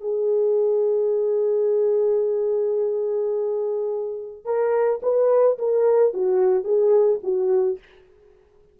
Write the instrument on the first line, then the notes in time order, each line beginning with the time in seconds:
horn
0.00 G#4
4.44 A#4
5.02 B4
5.58 A#4
6.13 F#4
6.64 G#4
7.23 F#4